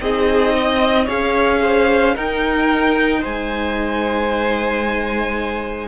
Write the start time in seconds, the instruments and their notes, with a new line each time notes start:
0.00 cello C4, viola D#4, violin G#4 D#5
0.54 violin D#5
1.04 cello C#4, viola G#4, violin C#5 F5
1.62 violin C5
2.13 viola D#4, cello D#4, violin A#4 G5
3.19 cello G#3, violin C5 G#5